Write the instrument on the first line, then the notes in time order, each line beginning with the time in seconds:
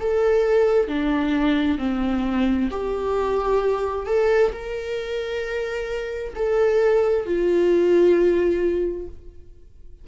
viola
0.00 A4
0.88 D4
1.79 C4
2.71 G4
4.07 A4
4.52 A#4
6.36 A4
7.26 F4